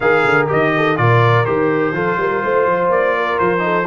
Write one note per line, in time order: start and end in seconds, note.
0.00 0.23 D#3
0.00 0.47 G#4
0.00 0.73 A#4
0.00 0.46 F5
0.24 0.48 D3
0.47 0.97 D#3
0.47 0.95 G4
0.47 0.96 D#5
0.76 0.99 A4
0.96 1.46 A#2
0.96 1.45 F4
0.96 1.94 A#4
0.96 1.45 D5
1.45 1.92 D#3
1.45 1.93 G4
1.45 2.90 C5
1.92 2.16 F3
1.92 3.58 F4
1.92 2.19 A4
2.17 2.41 G3
2.17 2.44 A#4
2.44 2.66 A3
2.44 3.16 C5
2.66 2.89 F3
2.89 3.37 A#3
2.89 3.38 D5
3.16 3.63 A#4
3.38 3.86 F3
3.38 3.86 C5
3.58 3.82 D#4
3.58 3.86 A4